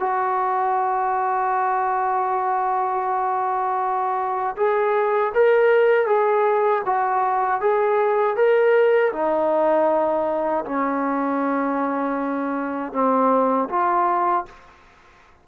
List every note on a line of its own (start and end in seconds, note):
0.00 4.56 F#4
4.57 5.33 G#4
5.34 6.06 A#4
6.06 6.82 G#4
6.86 7.61 F#4
7.61 8.36 G#4
8.36 9.12 A#4
9.13 10.65 D#4
10.65 12.93 C#4
12.93 13.68 C4
13.70 14.45 F4